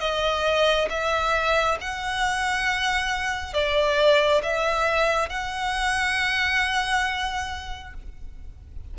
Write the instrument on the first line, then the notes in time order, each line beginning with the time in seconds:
violin
0.00 D#5
0.89 E5
1.80 F#5
3.53 D5
4.43 E5
5.29 F#5